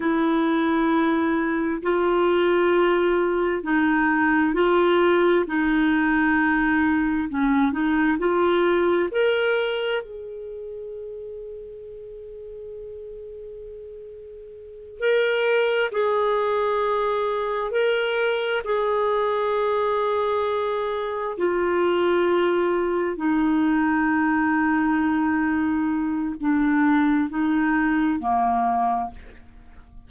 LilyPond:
\new Staff \with { instrumentName = "clarinet" } { \time 4/4 \tempo 4 = 66 e'2 f'2 | dis'4 f'4 dis'2 | cis'8 dis'8 f'4 ais'4 gis'4~ | gis'1~ |
gis'8 ais'4 gis'2 ais'8~ | ais'8 gis'2. f'8~ | f'4. dis'2~ dis'8~ | dis'4 d'4 dis'4 ais4 | }